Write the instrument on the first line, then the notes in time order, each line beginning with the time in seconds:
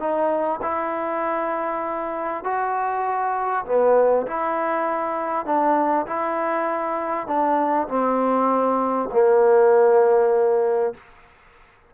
trombone
0.00 D#4
0.63 E4
2.45 F#4
3.66 B3
4.27 E4
5.46 D4
6.07 E4
7.28 D4
7.88 C4
9.13 A#3